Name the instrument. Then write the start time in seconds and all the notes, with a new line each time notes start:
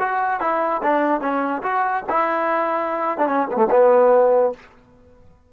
trombone
0.00 F#4
0.41 E4
0.83 D4
1.21 C#4
1.63 F#4
2.10 E4
3.18 D4
3.28 C#4
3.51 A3 B3
3.71 B3